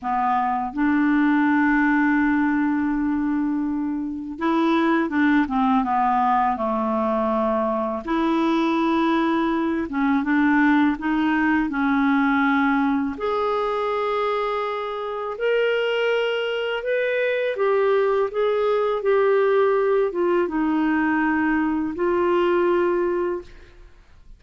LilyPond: \new Staff \with { instrumentName = "clarinet" } { \time 4/4 \tempo 4 = 82 b4 d'2.~ | d'2 e'4 d'8 c'8 | b4 a2 e'4~ | e'4. cis'8 d'4 dis'4 |
cis'2 gis'2~ | gis'4 ais'2 b'4 | g'4 gis'4 g'4. f'8 | dis'2 f'2 | }